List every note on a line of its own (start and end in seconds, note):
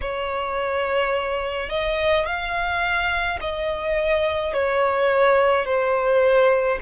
0.01 1.69 C#5
1.69 2.25 D#5
2.25 3.39 F5
3.41 4.53 D#5
4.53 5.65 C#5
5.65 6.78 C5